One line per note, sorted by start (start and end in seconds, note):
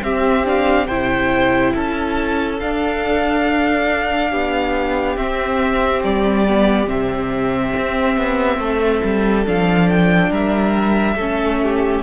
0.00 0.43 C4
0.00 0.87 C4
0.00 0.87 G4
0.00 0.46 E5
0.45 0.88 D4
0.45 0.87 F5
0.87 1.73 C3
0.87 2.60 E4
0.87 1.73 C5
0.87 1.72 G5
1.74 2.61 C#4
1.74 4.29 A4
1.74 2.60 A5
2.60 5.17 D4
2.60 4.32 D4
2.60 5.17 F5
4.29 5.17 B3
4.29 8.58 G4
5.17 6.02 C4
5.17 6.46 C4
5.17 6.02 E5
6.03 6.87 G3
6.03 6.88 D5
6.47 6.87 B3
6.87 7.73 C3
6.87 9.44 C4
6.87 9.46 E5
7.76 8.17 C4
8.17 8.58 B3
8.58 9.01 A3
8.58 10.30 A4
9.03 9.46 G3
9.45 10.30 F3
9.45 11.17 D4
9.45 9.89 F5
9.89 10.32 G5
10.30 11.15 G3
10.30 11.15 A#4
10.30 12.02 E5
11.15 12.01 A3
11.15 12.02 C#4
11.15 11.59 A4
11.62 12.02 G4